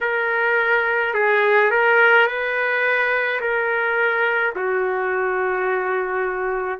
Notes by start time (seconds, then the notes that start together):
0.01 A#4
1.14 G#4
1.70 A#4
2.26 B4
3.41 A#4
4.55 F#4